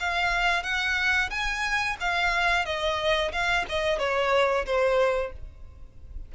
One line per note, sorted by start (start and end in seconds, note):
0.00 0.63 F5
0.63 1.30 F#5
1.30 1.97 G#5
2.01 2.65 F5
2.65 3.32 D#5
3.32 3.66 F5
3.69 3.99 D#5
3.99 4.65 C#5
4.66 5.33 C5